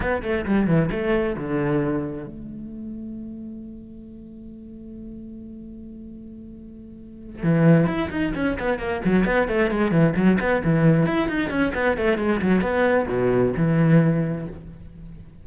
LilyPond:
\new Staff \with { instrumentName = "cello" } { \time 4/4 \tempo 4 = 133 b8 a8 g8 e8 a4 d4~ | d4 a2.~ | a1~ | a1~ |
a8 e4 e'8 dis'8 cis'8 b8 ais8 | fis8 b8 a8 gis8 e8 fis8 b8 e8~ | e8 e'8 dis'8 cis'8 b8 a8 gis8 fis8 | b4 b,4 e2 | }